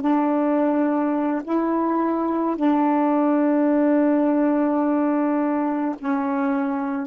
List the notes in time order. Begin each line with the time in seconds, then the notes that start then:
0.00 D4
1.44 E4
2.56 D4
5.98 C#4